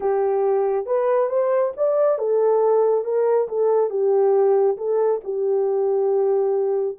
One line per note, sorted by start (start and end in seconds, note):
0.00 0.86 G4
0.86 1.29 B4
1.29 1.72 C5
1.76 2.18 D5
2.18 3.04 A4
3.04 3.48 A#4
3.48 3.89 A4
3.89 4.76 G4
4.77 5.21 A4
5.24 6.97 G4